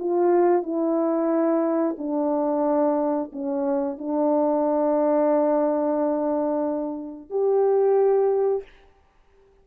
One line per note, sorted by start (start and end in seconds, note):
0.00 0.63 F4
0.63 1.97 E4
1.98 3.32 D4
3.33 3.98 C#4
3.98 7.31 D4
7.31 8.64 G4